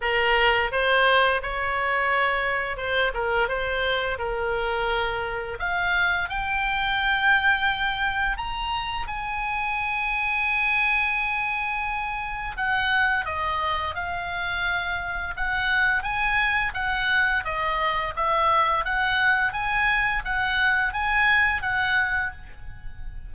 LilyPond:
\new Staff \with { instrumentName = "oboe" } { \time 4/4 \tempo 4 = 86 ais'4 c''4 cis''2 | c''8 ais'8 c''4 ais'2 | f''4 g''2. | ais''4 gis''2.~ |
gis''2 fis''4 dis''4 | f''2 fis''4 gis''4 | fis''4 dis''4 e''4 fis''4 | gis''4 fis''4 gis''4 fis''4 | }